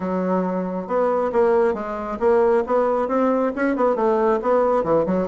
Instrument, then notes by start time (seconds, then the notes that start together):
bassoon
0.00 F#3
0.87 B3
1.32 A#3
1.73 G#3
2.19 A#3
2.66 B3
3.08 C4
3.55 C#4
3.76 B3
3.95 A3
4.42 B3
4.83 E3
5.05 F#3